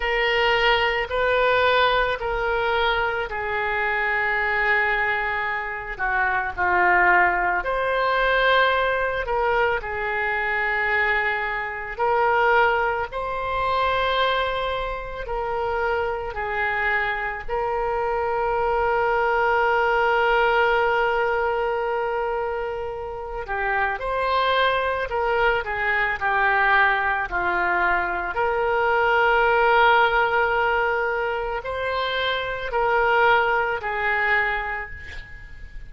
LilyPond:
\new Staff \with { instrumentName = "oboe" } { \time 4/4 \tempo 4 = 55 ais'4 b'4 ais'4 gis'4~ | gis'4. fis'8 f'4 c''4~ | c''8 ais'8 gis'2 ais'4 | c''2 ais'4 gis'4 |
ais'1~ | ais'4. g'8 c''4 ais'8 gis'8 | g'4 f'4 ais'2~ | ais'4 c''4 ais'4 gis'4 | }